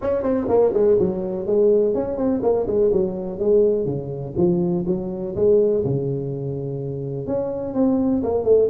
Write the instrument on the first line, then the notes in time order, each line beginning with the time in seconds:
tuba
0.01 C#4
0.23 C4
0.48 A#3
0.73 G#3
0.99 F#3
1.46 G#3
1.94 C#4
2.17 C4
2.42 A#3
2.66 G#3
2.92 F#3
3.39 G#3
3.85 C#3
4.36 F3
4.86 F#3
5.35 G#3
5.84 C#3
7.26 C#4
7.74 C4
8.23 A#3
8.44 A3